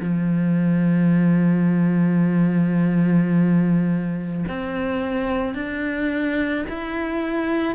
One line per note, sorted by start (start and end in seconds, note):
0.00 4.44 F3
4.47 5.54 C4
5.54 6.65 D4
6.68 7.75 E4